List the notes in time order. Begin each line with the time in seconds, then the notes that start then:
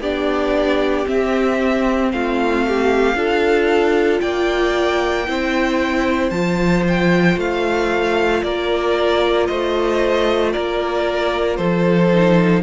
0.00 B3 D4 G4 D5
1.05 C4 E5
2.12 A3 F4 F5
2.67 G4
3.14 D4 F4 A4
4.20 A#3 D5 G5
5.27 C4 E4 C5
6.30 F3 F4 A5
6.88 G5
7.37 A3 F5
8.43 A#3 A#4 D5
9.46 A3 C5 D#5
10.52 A#3 A#4 D5
11.56 F3 A4 C5
12.13 D#4